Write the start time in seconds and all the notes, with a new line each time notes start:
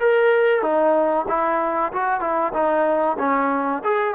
0.00 A#4
0.63 D#4
1.29 E4
1.93 F#4
2.21 E4
2.54 D#4
3.19 C#4
3.84 G#4